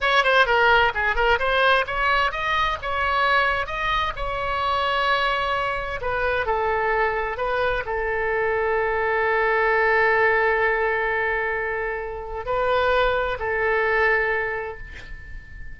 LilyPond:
\new Staff \with { instrumentName = "oboe" } { \time 4/4 \tempo 4 = 130 cis''8 c''8 ais'4 gis'8 ais'8 c''4 | cis''4 dis''4 cis''2 | dis''4 cis''2.~ | cis''4 b'4 a'2 |
b'4 a'2.~ | a'1~ | a'2. b'4~ | b'4 a'2. | }